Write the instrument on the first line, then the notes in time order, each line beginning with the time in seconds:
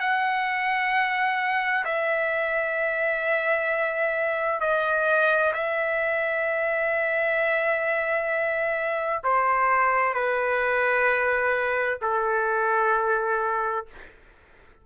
trumpet
0.00 F#5
1.85 E5
4.61 D#5
5.54 E5
9.24 C5
10.14 B4
12.02 A4